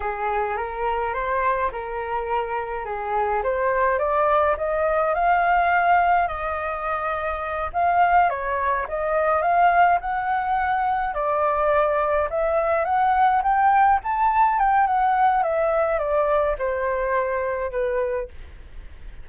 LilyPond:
\new Staff \with { instrumentName = "flute" } { \time 4/4 \tempo 4 = 105 gis'4 ais'4 c''4 ais'4~ | ais'4 gis'4 c''4 d''4 | dis''4 f''2 dis''4~ | dis''4. f''4 cis''4 dis''8~ |
dis''8 f''4 fis''2 d''8~ | d''4. e''4 fis''4 g''8~ | g''8 a''4 g''8 fis''4 e''4 | d''4 c''2 b'4 | }